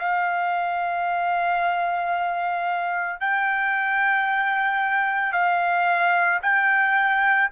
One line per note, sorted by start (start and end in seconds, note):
0.00 3.21 F5
3.21 5.33 G5
5.33 6.40 F5
6.43 7.50 G5